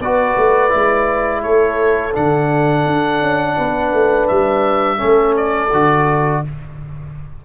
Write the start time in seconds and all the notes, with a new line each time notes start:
0.00 B3 F#4 B4 D5
0.37 A3
0.70 G#3 E4
1.42 A3 A4 C#5
2.14 D3 D4 F#5
2.86 D4
3.21 C#4
3.56 B3 B4
3.93 A3
4.28 G3 E5
4.97 A3 C#4 A4
5.36 D5
5.73 D3 F#4